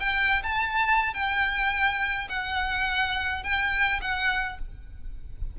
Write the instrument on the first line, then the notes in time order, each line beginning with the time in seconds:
violin
0.00 G5
0.43 A5
1.14 G5
2.29 F#5
3.43 G5
4.02 F#5